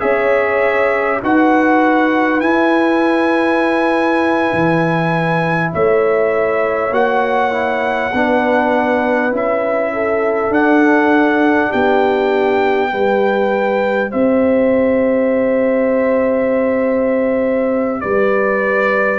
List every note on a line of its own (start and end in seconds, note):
0.00 1.22 C#4
0.00 1.20 G#4
0.00 1.22 C#5
0.00 1.20 E5
1.23 2.42 D#4
1.23 2.41 F#4
1.23 5.73 B4
1.23 2.41 F#5
2.41 6.91 E4
2.41 4.52 E4
2.41 5.71 G#5
4.53 5.73 E3
5.73 6.91 A3
5.73 8.13 C#5
5.73 6.94 E5
6.91 8.11 A#3
6.91 7.51 F#4
6.91 9.34 F#5
7.51 8.11 E4
8.13 9.32 B3
8.13 9.31 D4
8.13 9.93 B4
9.31 10.50 C#4
9.31 10.51 E4
9.31 10.53 E5
9.93 11.69 A4
10.50 11.70 D4
10.50 12.91 D4
10.50 11.72 F#5
11.69 12.93 B3
11.69 12.89 G4
11.69 14.12 G5
12.91 14.13 G3
12.91 19.19 G4
12.91 14.11 B4
14.11 18.03 C4
14.11 18.01 C5
14.11 18.00 E5
18.00 19.19 G3
18.00 19.19 B4
18.00 19.19 D5